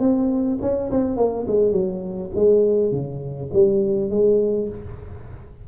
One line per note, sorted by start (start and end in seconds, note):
0.00 0.58 C4
0.61 0.91 C#4
0.91 1.17 C4
1.17 1.46 A#3
1.47 1.72 G#3
1.72 2.30 F#3
2.35 2.92 G#3
2.92 3.50 C#3
3.53 4.10 G3
4.10 4.68 G#3